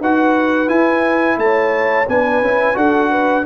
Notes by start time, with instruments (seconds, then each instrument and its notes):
0.00 tuba D#4, trombone F#4, horn B4, trumpet F#5
0.68 trombone E4, tuba E4, trumpet G#5
1.38 tuba A3, horn C#5, trumpet A5
2.08 tuba B3, trombone D4, horn B4, trumpet G#5
2.42 tuba C#4, trombone E4
2.74 tuba D4, trombone F#4, horn A4, trumpet F#5
3.11 horn B4